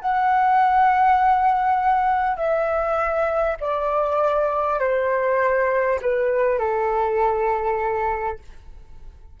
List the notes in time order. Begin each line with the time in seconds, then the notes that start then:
0.00 F#5
2.36 E5
3.60 D5
4.79 C5
6.01 B4
6.58 A4